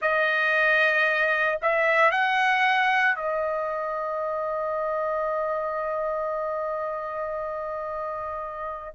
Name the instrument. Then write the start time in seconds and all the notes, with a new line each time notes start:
trumpet
0.01 D#5
1.62 E5
2.11 F#5
3.15 D#5